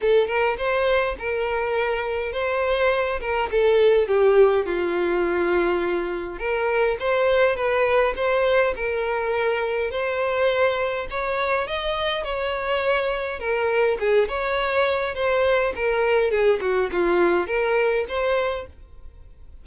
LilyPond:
\new Staff \with { instrumentName = "violin" } { \time 4/4 \tempo 4 = 103 a'8 ais'8 c''4 ais'2 | c''4. ais'8 a'4 g'4 | f'2. ais'4 | c''4 b'4 c''4 ais'4~ |
ais'4 c''2 cis''4 | dis''4 cis''2 ais'4 | gis'8 cis''4. c''4 ais'4 | gis'8 fis'8 f'4 ais'4 c''4 | }